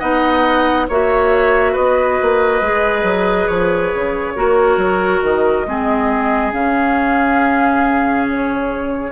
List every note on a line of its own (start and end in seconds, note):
0.00 0.89 B3
0.00 0.88 D#4
0.00 0.87 D#5
0.00 0.87 F#5
0.89 1.76 A#3
0.89 2.63 F#4
0.89 1.73 C#5
0.89 1.76 E5
1.73 2.20 B3
1.73 4.34 B4
1.73 3.48 D#5
2.22 2.61 A#3
2.61 3.03 G#3
2.61 4.36 G#4
3.03 3.47 F#3
3.48 3.93 F3
3.48 5.22 C#5
3.94 4.37 C#3
4.36 4.78 A#3
4.36 5.67 F#4
4.36 5.67 A#4
4.78 5.21 F#3
5.22 5.66 D#3
5.22 6.53 D#5
5.66 6.53 G#3
5.66 6.52 C4
5.66 9.12 G#4
6.52 9.12 C#3
6.52 9.12 C#4
6.52 8.27 F5
8.30 9.12 C#5